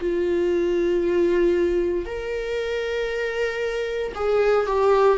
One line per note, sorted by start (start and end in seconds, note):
0.00 2.05 F4
2.05 4.12 A#4
4.15 4.66 G#4
4.66 5.18 G4